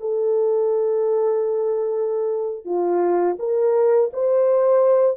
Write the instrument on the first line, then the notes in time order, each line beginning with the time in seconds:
horn
0.00 A4
2.65 F4
3.39 A#4
4.13 C5